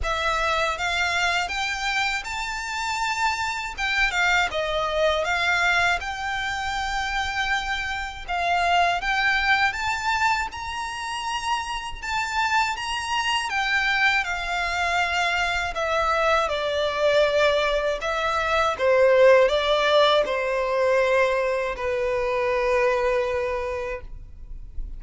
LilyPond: \new Staff \with { instrumentName = "violin" } { \time 4/4 \tempo 4 = 80 e''4 f''4 g''4 a''4~ | a''4 g''8 f''8 dis''4 f''4 | g''2. f''4 | g''4 a''4 ais''2 |
a''4 ais''4 g''4 f''4~ | f''4 e''4 d''2 | e''4 c''4 d''4 c''4~ | c''4 b'2. | }